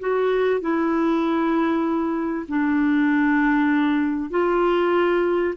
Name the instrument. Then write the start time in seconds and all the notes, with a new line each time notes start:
clarinet
0.00 F#4
0.61 E4
2.49 D4
4.31 F4